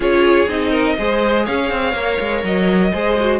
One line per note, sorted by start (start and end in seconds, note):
0.00 0.47 C#4
0.00 0.48 F4
0.00 0.70 G#4
0.00 0.48 C#5
0.47 0.96 C4
0.47 0.97 D#4
0.47 1.46 D#5
0.70 0.94 A#4
0.98 1.47 G#3
0.98 1.96 G#4
0.98 1.45 C5
1.45 1.71 C#4
1.45 2.91 C#5
1.45 2.43 F5
1.71 1.93 C4
1.93 2.17 A#3
1.93 2.93 A#4
2.19 2.43 G#3
2.43 2.92 F#3
2.43 3.39 D#5
2.91 3.39 G#3
2.91 3.17 G#4
2.91 3.39 C5
3.20 3.39 F#4